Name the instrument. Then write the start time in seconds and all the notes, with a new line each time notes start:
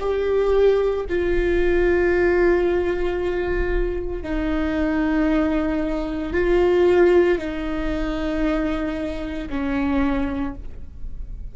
viola
0.00 G4
1.09 F4
4.22 D#4
6.33 F4
7.38 D#4
9.50 C#4